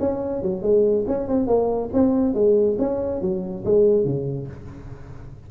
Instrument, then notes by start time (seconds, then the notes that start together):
tuba
0.00 C#4
0.42 F#3
0.62 G#3
1.08 C#4
1.28 C4
1.47 A#3
1.94 C4
2.35 G#3
2.79 C#4
3.22 F#3
3.65 G#3
4.05 C#3